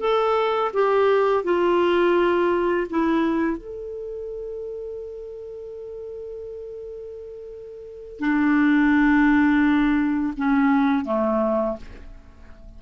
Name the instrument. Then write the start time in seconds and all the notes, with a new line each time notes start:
clarinet
0.00 A4
0.74 G4
1.44 F4
2.90 E4
3.57 A4
8.19 D4
10.37 C#4
11.05 A3